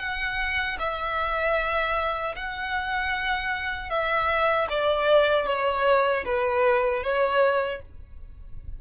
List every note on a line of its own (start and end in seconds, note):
0.00 0.78 F#5
0.80 2.36 E5
2.36 3.90 F#5
3.90 4.68 E5
4.70 5.47 D5
5.47 6.24 C#5
6.26 7.03 B4
7.03 7.81 C#5